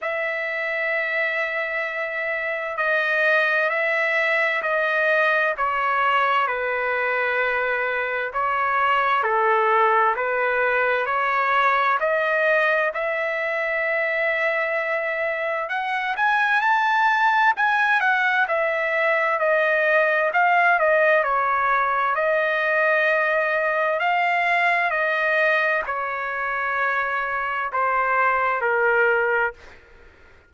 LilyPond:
\new Staff \with { instrumentName = "trumpet" } { \time 4/4 \tempo 4 = 65 e''2. dis''4 | e''4 dis''4 cis''4 b'4~ | b'4 cis''4 a'4 b'4 | cis''4 dis''4 e''2~ |
e''4 fis''8 gis''8 a''4 gis''8 fis''8 | e''4 dis''4 f''8 dis''8 cis''4 | dis''2 f''4 dis''4 | cis''2 c''4 ais'4 | }